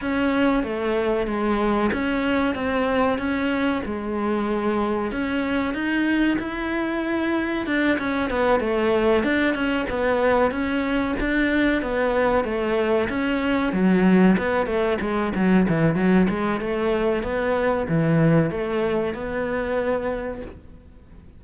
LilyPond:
\new Staff \with { instrumentName = "cello" } { \time 4/4 \tempo 4 = 94 cis'4 a4 gis4 cis'4 | c'4 cis'4 gis2 | cis'4 dis'4 e'2 | d'8 cis'8 b8 a4 d'8 cis'8 b8~ |
b8 cis'4 d'4 b4 a8~ | a8 cis'4 fis4 b8 a8 gis8 | fis8 e8 fis8 gis8 a4 b4 | e4 a4 b2 | }